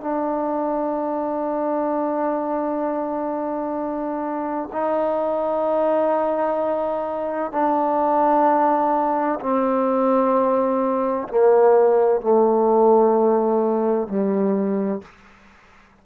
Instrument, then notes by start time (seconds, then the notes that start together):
trombone
0.00 D4
4.72 D#4
7.51 D4
9.40 C4
11.28 A#3
12.20 A3
14.08 G3